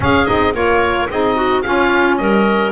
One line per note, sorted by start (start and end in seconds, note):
0.00 0.25 C#4
0.00 0.27 C#4
0.00 0.55 G#4
0.00 0.25 F5
0.25 0.53 C4
0.25 0.53 D#4
0.25 0.53 D#5
0.53 1.08 A#3
0.53 1.07 F4
0.53 1.09 A#4
0.53 1.09 C#5
1.09 1.64 C4
1.09 1.63 D#4
1.09 1.35 G#4
1.09 1.61 D#5
1.35 1.62 F#4
1.61 2.71 C#4
1.61 2.18 C#4
1.61 2.19 F4
1.61 2.16 F5
2.17 2.71 G3
2.17 2.71 A#4
2.17 2.71 D#5